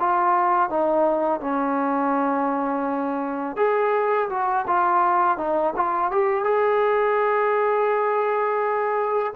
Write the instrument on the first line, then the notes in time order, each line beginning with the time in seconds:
trombone
0.00 F4
0.70 D#4
1.41 C#4
3.57 G#4
4.30 F#4
4.68 F4
5.38 D#4
5.76 F4
6.12 G4
6.44 G#4